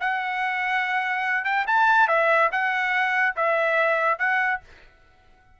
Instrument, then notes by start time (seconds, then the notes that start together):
trumpet
0.00 F#5
1.45 G5
1.67 A5
2.08 E5
2.51 F#5
3.36 E5
4.18 F#5